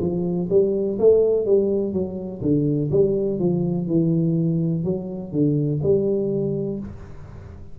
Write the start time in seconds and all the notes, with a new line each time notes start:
0.00 F3
0.49 G3
0.99 A3
1.45 G3
1.93 F#3
2.41 D3
2.90 G3
3.39 F3
3.87 E3
4.84 F#3
5.32 D3
5.82 G3